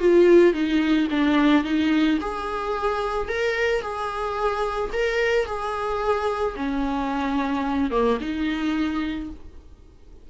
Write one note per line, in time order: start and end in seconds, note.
0.00 0.54 F4
0.54 1.08 D#4
1.11 1.64 D4
1.64 2.19 D#4
2.21 3.29 G#4
3.29 3.82 A#4
3.82 4.91 G#4
4.93 5.46 A#4
5.46 6.55 G#4
6.56 7.91 C#4
7.91 8.18 A#3
8.21 9.30 D#4